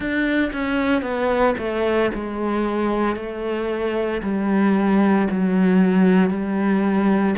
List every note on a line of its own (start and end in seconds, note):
0.00 0.51 D4
0.53 1.02 C#4
1.02 1.55 B3
1.58 2.11 A3
2.14 3.16 G#3
3.16 4.21 A3
4.22 5.27 G3
5.30 6.30 F#3
6.30 7.35 G3